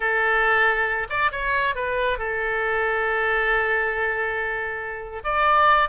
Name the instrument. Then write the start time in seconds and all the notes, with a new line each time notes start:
oboe
0.00 A4
1.09 D5
1.31 C#5
1.75 B4
2.18 A4
5.24 D5